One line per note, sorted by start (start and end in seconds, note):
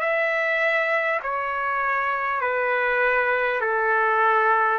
0.00 1.20 E5
1.22 2.41 C#5
2.41 3.60 B4
3.60 4.78 A4